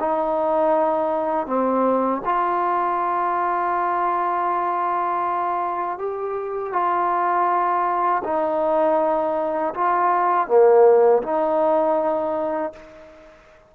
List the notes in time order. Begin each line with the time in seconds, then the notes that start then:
0.00 D#4
1.47 C4
2.25 F4
5.99 G4
6.73 F4
8.24 D#4
9.74 F4
10.48 A#3
11.23 D#4